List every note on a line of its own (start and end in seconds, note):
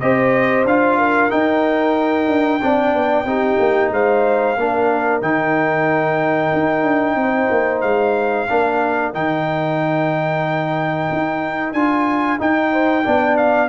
0.00 0.65 C4
0.00 0.67 G4
0.00 0.99 C5
0.00 0.65 D#5
0.65 1.30 D4
0.65 1.30 F4
0.65 1.31 F5
0.99 2.62 A#4
1.30 2.60 D#4
1.30 2.28 D#4
1.30 3.92 G5
2.28 2.60 D4
2.61 2.94 C4
2.61 3.26 D4
2.61 3.27 D5
2.94 3.25 B3
3.25 3.57 C4
3.25 4.57 D#4
3.25 3.92 G4
3.60 3.92 A#3
3.92 4.57 G#3
3.92 4.58 C5
3.92 5.22 F5
4.57 5.22 A#3
4.57 5.22 D4
4.57 7.19 A#4
5.22 6.52 D#3
5.22 8.48 D#4
5.22 7.81 G5
6.54 6.83 D#4
6.83 7.16 D4
7.16 7.49 C4
7.16 8.50 C5
7.51 7.83 A#3
7.81 8.49 G#3
7.81 9.12 F5
8.49 9.14 A#3
8.49 9.14 D4
8.49 12.72 A#4
9.14 11.10 D#3
9.14 11.75 D#4
9.14 11.74 G5
11.13 11.73 D#4
11.73 12.38 D4
11.73 12.39 F4
11.73 12.39 G#5
12.39 13.04 D#4
12.39 13.06 D#4
12.39 13.37 G5
12.72 13.05 C5
13.05 13.69 B3
13.05 13.69 D4
13.05 13.69 D5
13.37 13.69 F5